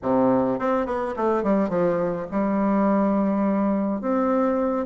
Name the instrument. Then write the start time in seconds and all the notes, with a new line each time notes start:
bassoon
0.02 C3
0.59 C4
0.86 B3
1.16 A3
1.43 G3
1.69 F3
2.31 G3
4.01 C4